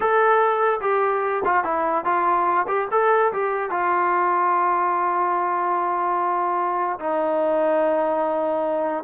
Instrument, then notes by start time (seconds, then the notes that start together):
trombone
0.00 A4
0.81 G4
1.44 F4
1.63 E4
2.04 F4
2.67 G4
2.91 A4
3.32 G4
3.70 F4
6.99 D#4